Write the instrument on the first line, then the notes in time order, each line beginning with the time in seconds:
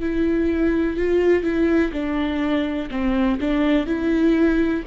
viola
0.00 E4
0.96 F4
1.43 E4
1.92 D4
2.91 C4
3.40 D4
3.86 E4